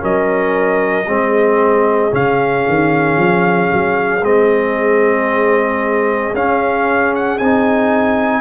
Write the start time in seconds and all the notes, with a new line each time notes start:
0.00 F#3 C#4 A#4 D#5
1.06 G#3 C4 G#4
2.11 C#3 C#4 F5
2.69 D#3
3.17 F3
3.72 F#3
4.22 G#3 C4 D#5
6.33 C#4 F5
7.15 F#5
7.38 C4 D#4 G#5